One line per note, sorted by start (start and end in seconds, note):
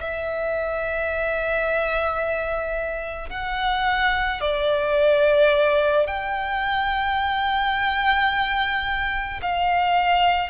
0.00 3.29 E5
3.29 4.40 F#5
4.40 6.07 D5
6.07 9.40 G5
9.42 10.49 F5